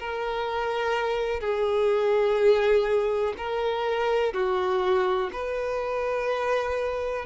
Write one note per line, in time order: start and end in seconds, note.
0.00 1.41 A#4
1.41 3.34 G#4
3.38 4.34 A#4
4.34 5.30 F#4
5.33 7.26 B4